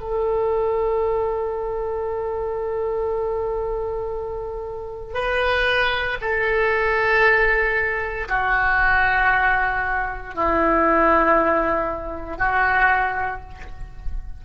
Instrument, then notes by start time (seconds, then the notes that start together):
oboe
0.00 A4
5.14 B4
6.21 A4
8.28 F#4
10.34 E4
12.37 F#4